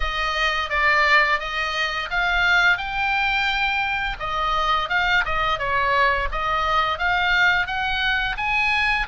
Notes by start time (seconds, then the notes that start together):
0.00 D#5
0.69 D5
1.39 D#5
2.10 F5
2.77 G5
4.19 D#5
4.89 F5
5.25 D#5
5.58 C#5
6.31 D#5
6.98 F5
7.66 F#5
8.37 G#5